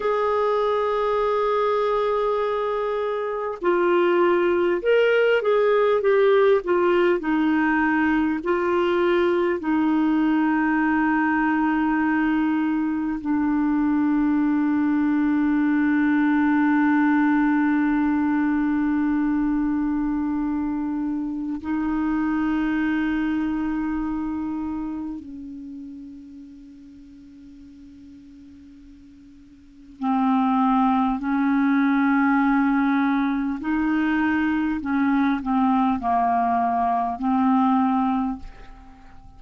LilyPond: \new Staff \with { instrumentName = "clarinet" } { \time 4/4 \tempo 4 = 50 gis'2. f'4 | ais'8 gis'8 g'8 f'8 dis'4 f'4 | dis'2. d'4~ | d'1~ |
d'2 dis'2~ | dis'4 cis'2.~ | cis'4 c'4 cis'2 | dis'4 cis'8 c'8 ais4 c'4 | }